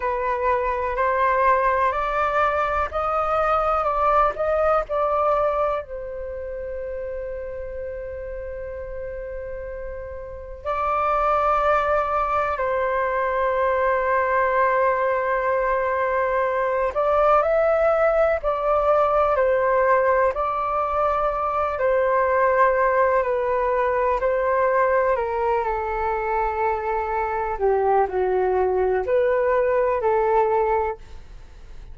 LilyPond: \new Staff \with { instrumentName = "flute" } { \time 4/4 \tempo 4 = 62 b'4 c''4 d''4 dis''4 | d''8 dis''8 d''4 c''2~ | c''2. d''4~ | d''4 c''2.~ |
c''4. d''8 e''4 d''4 | c''4 d''4. c''4. | b'4 c''4 ais'8 a'4.~ | a'8 g'8 fis'4 b'4 a'4 | }